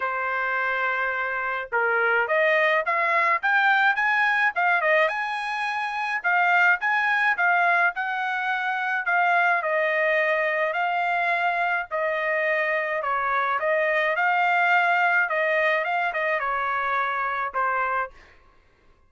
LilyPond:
\new Staff \with { instrumentName = "trumpet" } { \time 4/4 \tempo 4 = 106 c''2. ais'4 | dis''4 f''4 g''4 gis''4 | f''8 dis''8 gis''2 f''4 | gis''4 f''4 fis''2 |
f''4 dis''2 f''4~ | f''4 dis''2 cis''4 | dis''4 f''2 dis''4 | f''8 dis''8 cis''2 c''4 | }